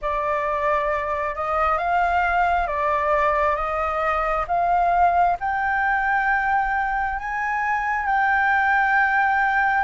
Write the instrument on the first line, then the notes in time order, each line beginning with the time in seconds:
flute
0.01 D5
1.35 D#5
1.77 F5
2.67 D5
3.56 D#5
4.47 F5
5.40 G5
7.18 G#5
8.06 G5